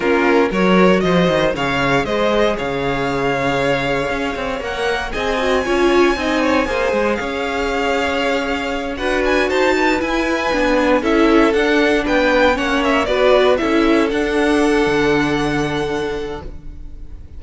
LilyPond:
<<
  \new Staff \with { instrumentName = "violin" } { \time 4/4 \tempo 4 = 117 ais'4 cis''4 dis''4 f''4 | dis''4 f''2.~ | f''4 fis''4 gis''2~ | gis''2 f''2~ |
f''4. fis''8 gis''8 a''4 gis''8~ | gis''4. e''4 fis''4 g''8~ | g''8 fis''8 e''8 d''4 e''4 fis''8~ | fis''1 | }
  \new Staff \with { instrumentName = "violin" } { \time 4/4 f'4 ais'4 c''4 cis''4 | c''4 cis''2.~ | cis''2 dis''4 cis''4 | dis''8 cis''8 c''4 cis''2~ |
cis''4. b'4 c''8 b'4~ | b'4. a'2 b'8~ | b'8 cis''4 b'4 a'4.~ | a'1 | }
  \new Staff \with { instrumentName = "viola" } { \time 4/4 cis'4 fis'2 gis'4~ | gis'1~ | gis'4 ais'4 gis'8 fis'8 f'4 | dis'4 gis'2.~ |
gis'4. fis'2 e'8~ | e'8 d'4 e'4 d'4.~ | d'8 cis'4 fis'4 e'4 d'8~ | d'1 | }
  \new Staff \with { instrumentName = "cello" } { \time 4/4 ais4 fis4 f8 dis8 cis4 | gis4 cis2. | cis'8 c'8 ais4 c'4 cis'4 | c'4 ais8 gis8 cis'2~ |
cis'4. d'4 dis'4 e'8~ | e'8 b4 cis'4 d'4 b8~ | b8 ais4 b4 cis'4 d'8~ | d'4 d2. | }
>>